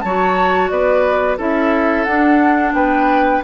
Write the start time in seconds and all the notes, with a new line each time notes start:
0.00 F#3 F#4 C#5 A5
0.68 B3 B4 D5
1.37 C#4 E4 A4 E5
2.04 D4 F#5
2.72 B3 B4 G5